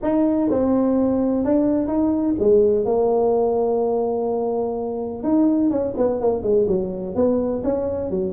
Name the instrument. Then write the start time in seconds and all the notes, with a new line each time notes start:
tuba
0.02 D#4
0.50 C4
1.44 D4
1.87 D#4
2.39 G#3
2.85 A#3
5.23 D#4
5.70 C#4
5.97 B3
6.21 A#3
6.42 G#3
6.67 F#3
7.15 B3
7.63 C#4
8.10 F#3